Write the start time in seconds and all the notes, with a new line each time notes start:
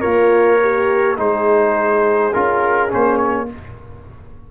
0.00 A#3 F4 A#4 C#5
0.61 G4
1.17 G#3 D#4 G#4 C5
2.33 C#4 F4 A#4
2.89 A#3 C#4 C5
3.17 C#5